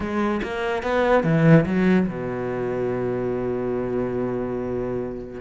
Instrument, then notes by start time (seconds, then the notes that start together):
cello
0.00 G#3
0.42 A#3
0.82 B3
1.23 E3
1.65 F#3
2.07 B2